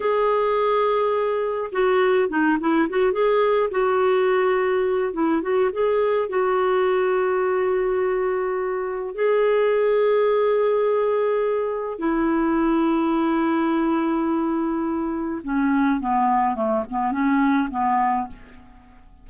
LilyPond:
\new Staff \with { instrumentName = "clarinet" } { \time 4/4 \tempo 4 = 105 gis'2. fis'4 | dis'8 e'8 fis'8 gis'4 fis'4.~ | fis'4 e'8 fis'8 gis'4 fis'4~ | fis'1 |
gis'1~ | gis'4 e'2.~ | e'2. cis'4 | b4 a8 b8 cis'4 b4 | }